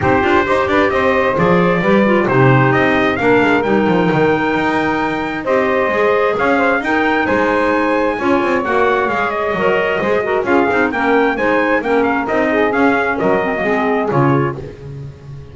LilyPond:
<<
  \new Staff \with { instrumentName = "trumpet" } { \time 4/4 \tempo 4 = 132 c''4. d''8 dis''4 d''4~ | d''4 c''4 dis''4 f''4 | g''1 | dis''2 f''4 g''4 |
gis''2. fis''4 | f''8 dis''2~ dis''8 f''4 | g''4 gis''4 g''8 f''8 dis''4 | f''4 dis''2 cis''4 | }
  \new Staff \with { instrumentName = "saxophone" } { \time 4/4 g'4 c''8 b'8 c''2 | b'4 g'2 ais'4~ | ais'1 | c''2 cis''8 c''8 ais'4 |
c''2 cis''2~ | cis''2 c''8 ais'8 gis'4 | ais'4 c''4 ais'4. gis'8~ | gis'4 ais'4 gis'2 | }
  \new Staff \with { instrumentName = "clarinet" } { \time 4/4 dis'8 f'8 g'2 gis'4 | g'8 f'8 dis'2 d'4 | dis'1 | g'4 gis'2 dis'4~ |
dis'2 f'4 fis'4 | gis'4 ais'4 gis'8 fis'8 f'8 dis'8 | cis'4 dis'4 cis'4 dis'4 | cis'4. c'16 ais16 c'4 f'4 | }
  \new Staff \with { instrumentName = "double bass" } { \time 4/4 c'8 d'8 dis'8 d'8 c'4 f4 | g4 c4 c'4 ais8 gis8 | g8 f8 dis4 dis'2 | c'4 gis4 cis'4 dis'4 |
gis2 cis'8 c'8 ais4 | gis4 fis4 gis4 cis'8 c'8 | ais4 gis4 ais4 c'4 | cis'4 fis4 gis4 cis4 | }
>>